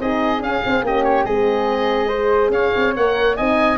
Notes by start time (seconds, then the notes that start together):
0.00 C4 D#4 G#4 D#5
0.40 C#4 F5
0.65 C4
0.83 A#3 C#4 G4 D#5
1.04 C#5
1.25 G#3 C4 G#4 D#5
2.08 G#4 C5
2.50 C#4 C#5 F5
2.76 C4
2.97 A#3 A#4 F#5
3.37 C4 D#4 D#5 G#5